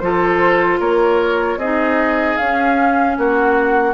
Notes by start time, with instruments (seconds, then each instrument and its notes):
0.00 bassoon F3, clarinet F4, oboe A4, flute C5
0.80 bassoon A#3, oboe A#4, flute C#5
1.57 bassoon C4, clarinet D#4, oboe G#4, flute D#5
2.37 bassoon C#4, clarinet C#4, flute F5
3.18 bassoon A#3, oboe F#4, flute F#5